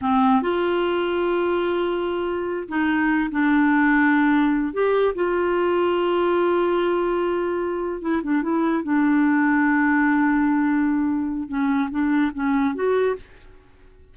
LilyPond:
\new Staff \with { instrumentName = "clarinet" } { \time 4/4 \tempo 4 = 146 c'4 f'2.~ | f'2~ f'8 dis'4. | d'2.~ d'8 g'8~ | g'8 f'2.~ f'8~ |
f'2.~ f'8 e'8 | d'8 e'4 d'2~ d'8~ | d'1 | cis'4 d'4 cis'4 fis'4 | }